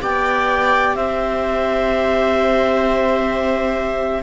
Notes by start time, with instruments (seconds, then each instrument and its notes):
0.00 cello B3, viola G4 D5, clarinet G5
0.96 cello C4, viola C5, clarinet E5